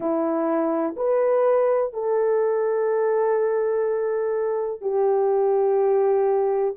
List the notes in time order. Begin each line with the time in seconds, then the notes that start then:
0.00 E4
0.96 B4
1.93 A4
4.81 G4